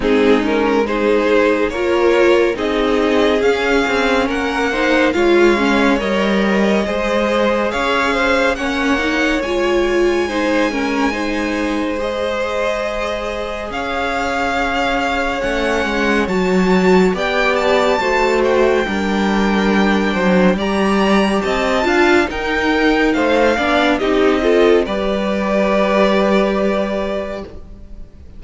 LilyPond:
<<
  \new Staff \with { instrumentName = "violin" } { \time 4/4 \tempo 4 = 70 gis'8 ais'8 c''4 cis''4 dis''4 | f''4 fis''4 f''4 dis''4~ | dis''4 f''4 fis''4 gis''4~ | gis''2 dis''2 |
f''2 fis''4 a''4 | g''8 a''4 g''2~ g''8 | ais''4 a''4 g''4 f''4 | dis''4 d''2. | }
  \new Staff \with { instrumentName = "violin" } { \time 4/4 dis'4 gis'4 ais'4 gis'4~ | gis'4 ais'8 c''8 cis''2 | c''4 cis''8 c''8 cis''2 | c''8 ais'8 c''2. |
cis''1 | d''4 c''4 ais'4. c''8 | d''4 dis''8 f''8 ais'4 c''8 d''8 | g'8 a'8 b'2. | }
  \new Staff \with { instrumentName = "viola" } { \time 4/4 c'8 cis'8 dis'4 f'4 dis'4 | cis'4. dis'8 f'8 cis'8 ais'4 | gis'2 cis'8 dis'8 f'4 | dis'8 cis'8 dis'4 gis'2~ |
gis'2 cis'4 fis'4 | g'4 fis'4 d'2 | g'4. f'8 dis'4. d'8 | dis'8 f'8 g'2. | }
  \new Staff \with { instrumentName = "cello" } { \time 4/4 gis2 ais4 c'4 | cis'8 c'8 ais4 gis4 g4 | gis4 cis'4 ais4 gis4~ | gis1 |
cis'2 a8 gis8 fis4 | b4 a4 g4. fis8 | g4 c'8 d'8 dis'4 a8 b8 | c'4 g2. | }
>>